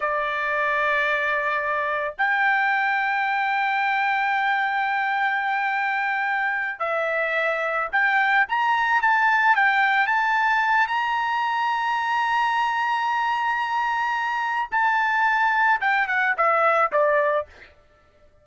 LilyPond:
\new Staff \with { instrumentName = "trumpet" } { \time 4/4 \tempo 4 = 110 d''1 | g''1~ | g''1~ | g''8 e''2 g''4 ais''8~ |
ais''8 a''4 g''4 a''4. | ais''1~ | ais''2. a''4~ | a''4 g''8 fis''8 e''4 d''4 | }